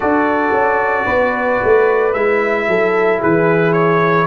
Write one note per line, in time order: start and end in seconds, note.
0.00 0.52 D4
0.00 2.12 F#4
0.00 1.05 A4
0.00 2.13 D5
0.52 1.05 C#4
1.05 1.60 B3
1.05 2.66 B4
1.63 2.15 A3
2.13 2.68 G#3
2.13 4.27 E4
2.13 3.20 E5
2.68 3.21 F#3
2.68 3.19 A4
3.19 4.27 E3
3.19 4.26 G#4
3.19 3.73 B4
3.73 4.26 C#5